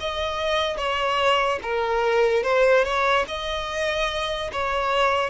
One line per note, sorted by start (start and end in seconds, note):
0.00 0.77 D#5
0.77 1.60 C#5
1.63 2.43 A#4
2.43 2.84 C5
2.84 3.25 C#5
3.28 4.51 D#5
4.52 5.30 C#5